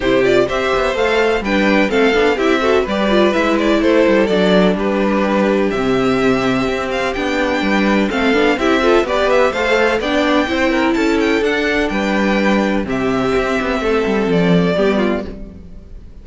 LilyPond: <<
  \new Staff \with { instrumentName = "violin" } { \time 4/4 \tempo 4 = 126 c''8 d''8 e''4 f''4 g''4 | f''4 e''4 d''4 e''8 d''8 | c''4 d''4 b'2 | e''2~ e''8 f''8 g''4~ |
g''4 f''4 e''4 d''8 e''8 | f''4 g''2 a''8 g''8 | fis''4 g''2 e''4~ | e''2 d''2 | }
  \new Staff \with { instrumentName = "violin" } { \time 4/4 g'4 c''2 b'4 | a'4 g'8 a'8 b'2 | a'2 g'2~ | g'1 |
b'4 a'4 g'8 a'8 b'4 | c''4 d''4 c''8 ais'8 a'4~ | a'4 b'2 g'4~ | g'4 a'2 g'8 f'8 | }
  \new Staff \with { instrumentName = "viola" } { \time 4/4 e'8 f'8 g'4 a'4 d'4 | c'8 d'8 e'8 fis'8 g'8 f'8 e'4~ | e'4 d'2. | c'2. d'4~ |
d'4 c'8 d'8 e'8 f'8 g'4 | a'4 d'4 e'2 | d'2. c'4~ | c'2. b4 | }
  \new Staff \with { instrumentName = "cello" } { \time 4/4 c4 c'8 b8 a4 g4 | a8 b8 c'4 g4 gis4 | a8 g8 fis4 g2 | c2 c'4 b4 |
g4 a8 b8 c'4 b4 | a4 b4 c'4 cis'4 | d'4 g2 c4 | c'8 b8 a8 g8 f4 g4 | }
>>